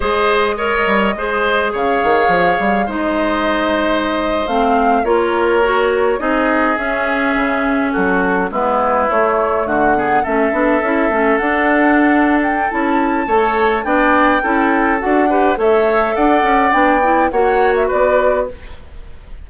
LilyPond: <<
  \new Staff \with { instrumentName = "flute" } { \time 4/4 \tempo 4 = 104 dis''2. f''4~ | f''4 dis''2~ dis''8. f''16~ | f''8. cis''2 dis''4 e''16~ | e''4.~ e''16 a'4 b'4 cis''16~ |
cis''8. fis''4 e''2 fis''16~ | fis''4. g''8 a''2 | g''2 fis''4 e''4 | fis''4 g''4 fis''8. e''16 d''4 | }
  \new Staff \with { instrumentName = "oboe" } { \time 4/4 c''4 cis''4 c''4 cis''4~ | cis''4 c''2.~ | c''8. ais'2 gis'4~ gis'16~ | gis'4.~ gis'16 fis'4 e'4~ e'16~ |
e'8. fis'8 gis'8 a'2~ a'16~ | a'2. cis''4 | d''4 a'4. b'8 cis''4 | d''2 cis''4 b'4 | }
  \new Staff \with { instrumentName = "clarinet" } { \time 4/4 gis'4 ais'4 gis'2~ | gis'4 dis'2~ dis'8. c'16~ | c'8. f'4 fis'4 dis'4 cis'16~ | cis'2~ cis'8. b4 a16~ |
a4~ a16 b8 cis'8 d'8 e'8 cis'8 d'16~ | d'2 e'4 a'4 | d'4 e'4 fis'8 g'8 a'4~ | a'4 d'8 e'8 fis'2 | }
  \new Staff \with { instrumentName = "bassoon" } { \time 4/4 gis4. g8 gis4 cis8 dis8 | f8 g8 gis2~ gis8. a16~ | a8. ais2 c'4 cis'16~ | cis'8. cis4 fis4 gis4 a16~ |
a8. d4 a8 b8 cis'8 a8 d'16~ | d'2 cis'4 a4 | b4 cis'4 d'4 a4 | d'8 cis'8 b4 ais4 b4 | }
>>